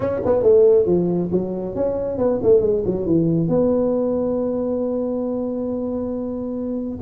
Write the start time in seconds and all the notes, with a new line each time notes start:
0.00 C#4
0.25 B3
0.42 A3
0.86 F3
1.31 F#3
1.75 C#4
2.18 B3
2.42 A3
2.61 G#3
2.85 F#3
3.06 E3
3.48 B3